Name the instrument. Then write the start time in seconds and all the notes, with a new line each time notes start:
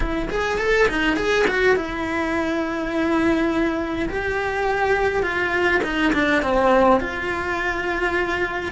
cello
0.00 E4
0.29 G#4
0.58 A4
0.88 D#4
1.16 G#4
1.47 F#4
1.76 E4
4.09 G4
5.22 F4
5.83 D#4
6.13 D4
6.42 C4
7.00 F4